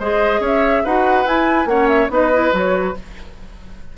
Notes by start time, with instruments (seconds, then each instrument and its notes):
0.00 bassoon G#3, clarinet G#4, oboe C5, flute D#5
0.40 bassoon C#4, oboe C#5, flute E5
0.85 bassoon D#4, clarinet F#4, oboe B4, flute F#5
1.25 clarinet E4, bassoon E4, flute G#5
1.66 bassoon A#3, clarinet C#4, oboe C#5, flute F#5
1.89 flute E5
2.10 bassoon B3, clarinet D#4, oboe B4, flute D#5
2.33 clarinet E4
2.52 bassoon F#3, clarinet F#4, flute C#5